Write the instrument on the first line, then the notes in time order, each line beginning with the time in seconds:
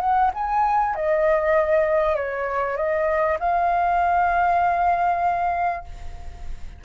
flute
0.00 F#5
0.34 G#5
0.95 D#5
2.16 C#5
2.77 D#5
3.40 F5